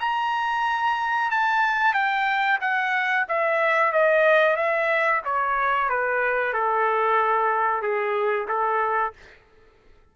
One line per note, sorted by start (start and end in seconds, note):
0.00 1.30 A#5
1.30 1.93 A5
1.93 2.58 G5
2.61 3.26 F#5
3.28 3.92 E5
3.92 4.56 D#5
4.56 5.21 E5
5.24 5.89 C#5
5.89 6.53 B4
6.53 7.81 A4
7.81 8.47 G#4
8.48 9.13 A4